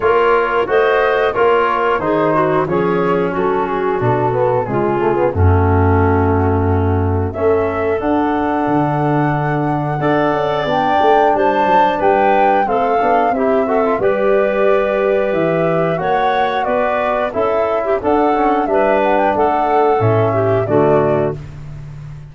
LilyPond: <<
  \new Staff \with { instrumentName = "flute" } { \time 4/4 \tempo 4 = 90 cis''4 dis''4 cis''4 c''4 | cis''4 a'8 gis'8 a'4 gis'4 | fis'2. e''4 | fis''1 |
g''4 a''4 g''4 f''4 | e''4 d''2 e''4 | fis''4 d''4 e''4 fis''4 | e''8 fis''16 g''16 fis''4 e''4 d''4 | }
  \new Staff \with { instrumentName = "clarinet" } { \time 4/4 ais'4 c''4 ais'4 gis'8 fis'8 | gis'4 fis'2 f'4 | cis'2. a'4~ | a'2. d''4~ |
d''4 c''4 b'4 a'4 | g'8 a'8 b'2. | cis''4 b'4 a'8. g'16 a'4 | b'4 a'4. g'8 fis'4 | }
  \new Staff \with { instrumentName = "trombone" } { \time 4/4 f'4 fis'4 f'4 dis'4 | cis'2 d'8 b8 gis8 a16 b16 | a2. cis'4 | d'2. a'4 |
d'2. c'8 d'8 | e'8 fis'16 f'16 g'2. | fis'2 e'4 d'8 cis'8 | d'2 cis'4 a4 | }
  \new Staff \with { instrumentName = "tuba" } { \time 4/4 ais4 a4 ais4 dis4 | f4 fis4 b,4 cis4 | fis,2. a4 | d'4 d2 d'8 cis'8 |
b8 a8 g8 fis8 g4 a8 b8 | c'4 g2 e4 | ais4 b4 cis'4 d'4 | g4 a4 a,4 d4 | }
>>